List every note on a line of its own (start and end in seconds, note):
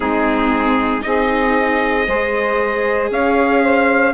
0.00 1.05 G#3
0.00 1.00 C4
0.00 1.02 D#4
0.00 1.02 G#4
1.00 2.07 C4
1.00 2.04 D#4
1.00 2.07 G#4
1.00 3.09 D#5
2.07 3.10 G#3
2.07 4.13 G#4
2.07 3.10 C5
3.10 4.13 C#4
3.10 3.62 C#5
3.10 4.13 F5
3.62 4.13 C5